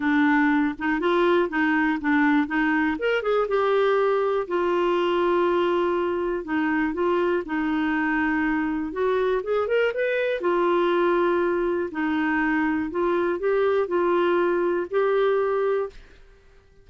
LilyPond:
\new Staff \with { instrumentName = "clarinet" } { \time 4/4 \tempo 4 = 121 d'4. dis'8 f'4 dis'4 | d'4 dis'4 ais'8 gis'8 g'4~ | g'4 f'2.~ | f'4 dis'4 f'4 dis'4~ |
dis'2 fis'4 gis'8 ais'8 | b'4 f'2. | dis'2 f'4 g'4 | f'2 g'2 | }